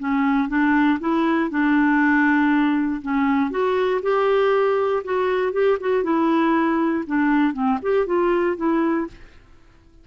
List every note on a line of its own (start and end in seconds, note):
0.00 0.49 C#4
0.49 0.99 D4
1.00 1.51 E4
1.51 3.02 D4
3.02 3.51 C#4
3.51 4.02 F#4
4.03 5.04 G4
5.05 5.53 F#4
5.53 5.78 G4
5.81 6.04 F#4
6.04 7.05 E4
7.07 7.54 D4
7.54 7.79 C4
7.82 8.06 G4
8.06 8.57 F4
8.57 9.08 E4